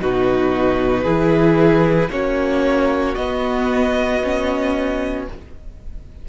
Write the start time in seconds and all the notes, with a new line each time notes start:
0.00 B2 D#4 F#4 B4
1.03 E3 E4 G#4
2.11 A#3 C#4 F#4 C#5
3.15 B3 D#5
4.23 C#4